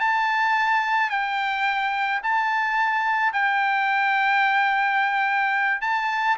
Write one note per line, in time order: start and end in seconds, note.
0.00 1.10 A5
1.10 2.21 G5
2.23 3.33 A5
3.33 5.81 G5
5.81 6.37 A5